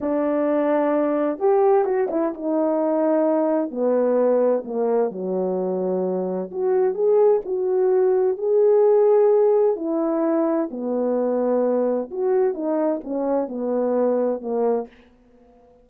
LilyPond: \new Staff \with { instrumentName = "horn" } { \time 4/4 \tempo 4 = 129 d'2. g'4 | fis'8 e'8 dis'2. | b2 ais4 fis4~ | fis2 fis'4 gis'4 |
fis'2 gis'2~ | gis'4 e'2 b4~ | b2 fis'4 dis'4 | cis'4 b2 ais4 | }